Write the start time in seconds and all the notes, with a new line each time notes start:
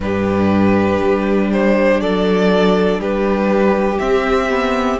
0.00 G2 D4 G4 B4
1.01 G3
1.51 C5
2.00 F#3 A4 D5
2.98 G3 G4 B4
3.99 C4 E5
4.49 B3